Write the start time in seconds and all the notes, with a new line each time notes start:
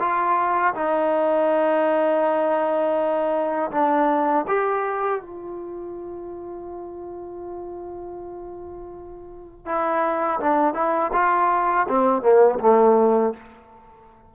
0.00 F4
0.75 D#4
3.71 D4
4.48 G4
5.22 F4
9.66 E4
10.40 D4
10.74 E4
11.13 F4
11.89 C4
12.22 A#3
12.60 A3